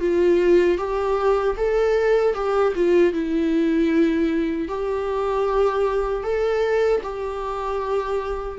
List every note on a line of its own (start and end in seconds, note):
0.00 0.78 F4
0.78 1.55 G4
1.57 2.34 A4
2.34 2.73 G4
2.75 3.13 F4
3.13 4.68 E4
4.68 6.23 G4
6.23 7.01 A4
7.02 8.58 G4